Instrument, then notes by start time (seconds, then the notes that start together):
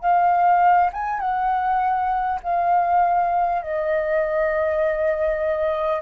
flute
0.00 F5
0.93 G#5
1.19 F#5
2.43 F5
3.62 D#5